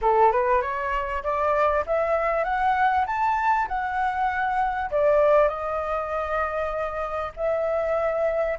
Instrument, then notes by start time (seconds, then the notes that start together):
flute
0.01 A4
0.32 B4
0.61 C#5
1.23 D5
1.86 E5
2.44 F#5
3.06 A5
3.68 F#5
4.91 D5
5.48 D#5
7.36 E5